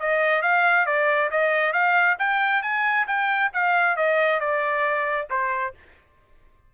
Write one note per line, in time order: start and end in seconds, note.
0.00 0.42 D#5
0.42 0.86 F5
0.86 1.30 D5
1.31 1.73 D#5
1.73 2.17 F5
2.19 2.62 G5
2.62 3.07 G#5
3.07 3.51 G5
3.53 3.97 F5
3.97 4.40 D#5
4.40 5.28 D5
5.30 5.74 C5